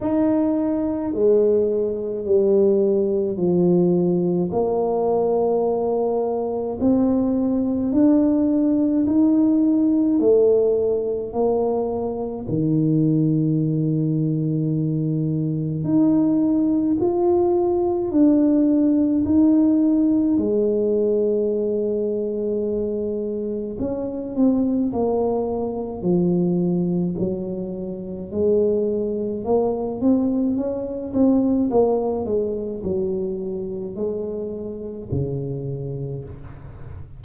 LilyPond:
\new Staff \with { instrumentName = "tuba" } { \time 4/4 \tempo 4 = 53 dis'4 gis4 g4 f4 | ais2 c'4 d'4 | dis'4 a4 ais4 dis4~ | dis2 dis'4 f'4 |
d'4 dis'4 gis2~ | gis4 cis'8 c'8 ais4 f4 | fis4 gis4 ais8 c'8 cis'8 c'8 | ais8 gis8 fis4 gis4 cis4 | }